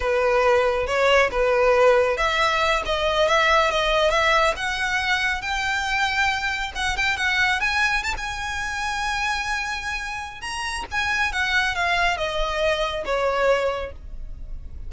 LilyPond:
\new Staff \with { instrumentName = "violin" } { \time 4/4 \tempo 4 = 138 b'2 cis''4 b'4~ | b'4 e''4. dis''4 e''8~ | e''8 dis''4 e''4 fis''4.~ | fis''8 g''2. fis''8 |
g''8 fis''4 gis''4 a''16 gis''4~ gis''16~ | gis''1 | ais''4 gis''4 fis''4 f''4 | dis''2 cis''2 | }